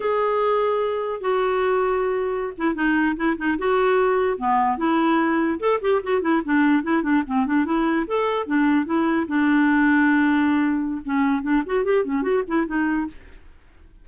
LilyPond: \new Staff \with { instrumentName = "clarinet" } { \time 4/4 \tempo 4 = 147 gis'2. fis'4~ | fis'2~ fis'16 e'8 dis'4 e'16~ | e'16 dis'8 fis'2 b4 e'16~ | e'4.~ e'16 a'8 g'8 fis'8 e'8 d'16~ |
d'8. e'8 d'8 c'8 d'8 e'4 a'16~ | a'8. d'4 e'4 d'4~ d'16~ | d'2. cis'4 | d'8 fis'8 g'8 cis'8 fis'8 e'8 dis'4 | }